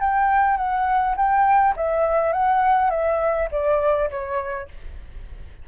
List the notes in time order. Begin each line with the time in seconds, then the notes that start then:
0.00 G5
0.57 F#5
1.16 G5
1.76 E5
2.32 F#5
2.90 E5
3.51 D5
4.10 C#5